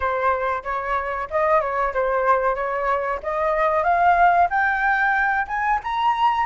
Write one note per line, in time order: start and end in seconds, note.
0.00 0.63 C5
0.63 1.28 C#5
1.30 1.60 D#5
1.60 1.93 C#5
1.93 2.55 C5
2.55 3.19 C#5
3.23 3.83 D#5
3.83 4.48 F5
4.50 5.46 G5
5.47 5.79 G#5
5.83 6.45 A#5